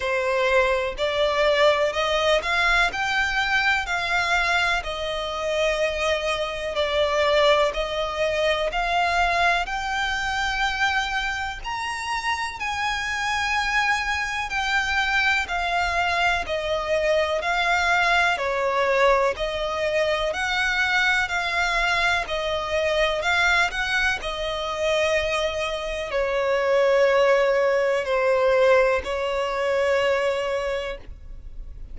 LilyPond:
\new Staff \with { instrumentName = "violin" } { \time 4/4 \tempo 4 = 62 c''4 d''4 dis''8 f''8 g''4 | f''4 dis''2 d''4 | dis''4 f''4 g''2 | ais''4 gis''2 g''4 |
f''4 dis''4 f''4 cis''4 | dis''4 fis''4 f''4 dis''4 | f''8 fis''8 dis''2 cis''4~ | cis''4 c''4 cis''2 | }